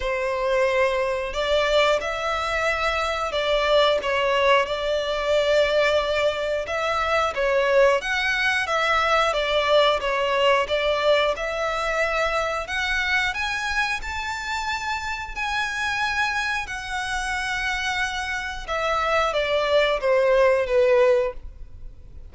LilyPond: \new Staff \with { instrumentName = "violin" } { \time 4/4 \tempo 4 = 90 c''2 d''4 e''4~ | e''4 d''4 cis''4 d''4~ | d''2 e''4 cis''4 | fis''4 e''4 d''4 cis''4 |
d''4 e''2 fis''4 | gis''4 a''2 gis''4~ | gis''4 fis''2. | e''4 d''4 c''4 b'4 | }